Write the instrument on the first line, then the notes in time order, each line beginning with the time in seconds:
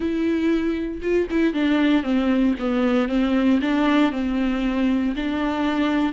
viola
0.00 E4
1.02 F4
1.30 E4
1.53 D4
2.03 C4
2.59 B3
3.08 C4
3.61 D4
4.11 C4
5.16 D4